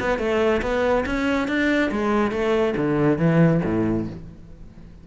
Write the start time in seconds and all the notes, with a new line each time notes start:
0.00 B3
0.18 A3
0.62 B3
1.06 C#4
1.47 D4
1.91 G#3
2.31 A3
2.76 D3
3.18 E3
3.64 A2